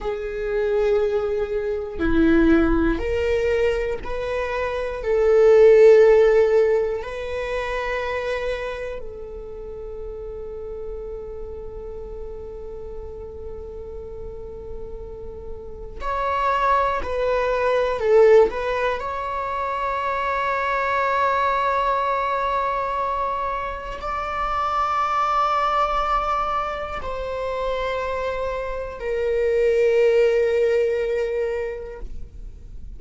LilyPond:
\new Staff \with { instrumentName = "viola" } { \time 4/4 \tempo 4 = 60 gis'2 e'4 ais'4 | b'4 a'2 b'4~ | b'4 a'2.~ | a'1 |
cis''4 b'4 a'8 b'8 cis''4~ | cis''1 | d''2. c''4~ | c''4 ais'2. | }